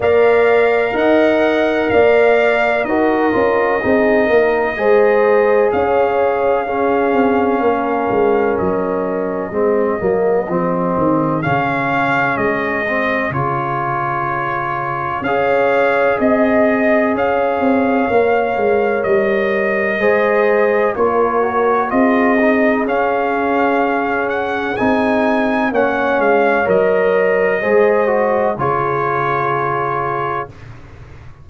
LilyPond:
<<
  \new Staff \with { instrumentName = "trumpet" } { \time 4/4 \tempo 4 = 63 f''4 fis''4 f''4 dis''4~ | dis''2 f''2~ | f''4 dis''2. | f''4 dis''4 cis''2 |
f''4 dis''4 f''2 | dis''2 cis''4 dis''4 | f''4. fis''8 gis''4 fis''8 f''8 | dis''2 cis''2 | }
  \new Staff \with { instrumentName = "horn" } { \time 4/4 d''4 dis''4 d''4 ais'4 | gis'8 ais'8 c''4 cis''4 gis'4 | ais'2 gis'2~ | gis'1 |
cis''4 dis''4 cis''2~ | cis''4 c''4 ais'4 gis'4~ | gis'2. cis''4~ | cis''4 c''4 gis'2 | }
  \new Staff \with { instrumentName = "trombone" } { \time 4/4 ais'2. fis'8 f'8 | dis'4 gis'2 cis'4~ | cis'2 c'8 ais8 c'4 | cis'4. c'8 f'2 |
gis'2. ais'4~ | ais'4 gis'4 f'8 fis'8 f'8 dis'8 | cis'2 dis'4 cis'4 | ais'4 gis'8 fis'8 f'2 | }
  \new Staff \with { instrumentName = "tuba" } { \time 4/4 ais4 dis'4 ais4 dis'8 cis'8 | c'8 ais8 gis4 cis'4. c'8 | ais8 gis8 fis4 gis8 fis8 f8 dis8 | cis4 gis4 cis2 |
cis'4 c'4 cis'8 c'8 ais8 gis8 | g4 gis4 ais4 c'4 | cis'2 c'4 ais8 gis8 | fis4 gis4 cis2 | }
>>